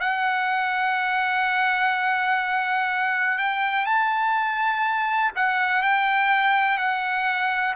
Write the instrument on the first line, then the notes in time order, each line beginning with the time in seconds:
trumpet
0.00 F#5
3.38 G5
3.86 A5
5.35 F#5
5.82 G5
6.77 F#5